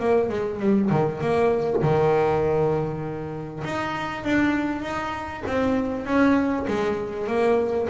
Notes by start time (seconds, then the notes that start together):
0.00 A#3
0.29 G#3
0.60 G3
0.91 D#3
1.21 A#3
1.82 D#3
3.64 D#4
4.24 D4
4.83 D#4
5.47 C4
6.06 C#4
6.68 G#3
7.28 A#3